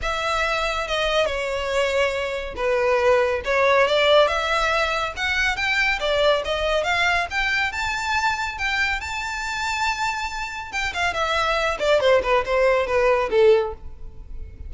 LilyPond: \new Staff \with { instrumentName = "violin" } { \time 4/4 \tempo 4 = 140 e''2 dis''4 cis''4~ | cis''2 b'2 | cis''4 d''4 e''2 | fis''4 g''4 d''4 dis''4 |
f''4 g''4 a''2 | g''4 a''2.~ | a''4 g''8 f''8 e''4. d''8 | c''8 b'8 c''4 b'4 a'4 | }